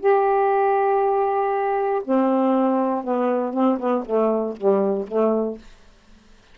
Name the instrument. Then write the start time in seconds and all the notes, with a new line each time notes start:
saxophone
0.00 G4
2.04 C4
3.04 B3
3.53 C4
3.79 B3
4.05 A3
4.56 G3
5.07 A3